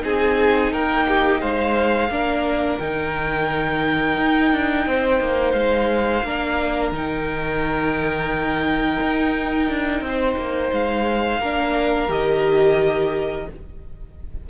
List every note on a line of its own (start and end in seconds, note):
0.00 0.73 C4
0.00 2.07 D#4
0.00 0.72 G#4
0.00 0.73 G#5
0.72 1.42 A#3
0.72 1.06 A#4
0.72 1.41 G5
1.07 1.41 G4
1.41 2.09 G#3
1.41 2.10 C5
1.41 2.78 F5
2.09 2.78 A#3
2.09 2.80 D4
2.09 4.87 A#4
2.78 4.17 D#3
2.78 6.25 D#4
2.78 5.52 G5
4.17 4.52 D#4
4.52 4.86 D4
4.86 5.20 C4
4.86 6.25 C5
5.20 5.53 A#3
5.52 6.22 G#3
5.52 6.90 F5
6.23 6.91 A#3
6.23 6.94 D4
6.23 10.05 A#4
6.91 8.98 D#3
6.91 11.42 D#4
6.91 10.73 G5
9.01 9.69 D#4
9.69 10.00 D4
10.00 10.35 C4
10.08 11.40 C5
10.37 10.71 A#3
10.72 11.40 G#3
10.72 12.11 F5
11.40 12.08 A#3
11.40 12.08 D4
11.40 13.47 A#4
12.08 13.46 D#3
12.08 13.46 G4
12.08 13.49 D#5